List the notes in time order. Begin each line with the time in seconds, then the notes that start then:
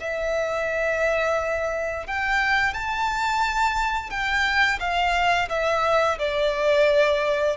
0.00 E5
2.07 G5
2.74 A5
4.10 G5
4.80 F5
5.49 E5
6.18 D5